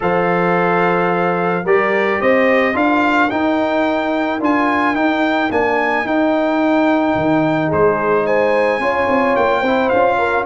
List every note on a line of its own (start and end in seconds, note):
0.00 1.64 F3
0.00 1.63 A4
0.00 1.64 C5
0.00 1.66 F5
1.64 2.19 G3
1.64 2.73 G4
1.64 2.19 A#4
1.64 2.21 D5
2.21 2.74 C4
2.21 2.75 C5
2.21 2.76 D#5
2.73 3.29 D4
2.73 3.28 F4
2.73 7.67 A#4
2.73 3.30 F5
3.29 4.39 D#4
3.29 4.40 G5
4.39 4.94 D4
4.39 4.94 F4
4.39 4.95 G#5
4.94 5.49 D#4
4.94 5.50 D#4
4.94 5.50 G5
5.50 6.05 A#3
5.50 6.05 D4
5.50 6.06 G#5
6.05 7.15 D#4
6.05 8.81 D#4
6.05 7.71 G5
7.15 7.70 D#3
7.67 8.79 G#3
7.67 8.22 G#4
7.67 8.26 C5
8.26 8.81 C5
8.26 9.36 G#5
8.79 9.07 C#4
8.79 9.63 F4
8.79 9.60 C#5
9.08 9.35 C4
9.36 9.62 A#3
9.36 9.89 G5
9.60 9.89 C4
9.60 9.93 E4
9.60 10.15 C5
9.89 10.45 C#4
9.89 10.45 F4
9.89 10.44 F5
10.18 10.45 A#4